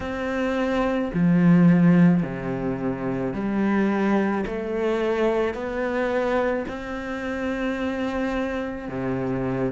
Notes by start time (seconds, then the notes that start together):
0.00 C4
1.13 F3
2.22 C3
3.33 G3
4.46 A3
5.54 B3
6.68 C4
8.88 C3